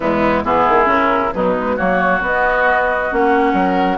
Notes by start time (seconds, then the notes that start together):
0.00 E2 G#3 B3 E4
0.44 E3 B3 E4 G#4
0.68 D#3
0.85 C#3 C#4 A#4
1.33 B2 F#3 D#4 B4
1.57 G#3
1.76 F#3 A#3 F#4 C#5
2.20 B3 D#5
3.10 A#3 C#4 F#5
3.53 F#3 A#4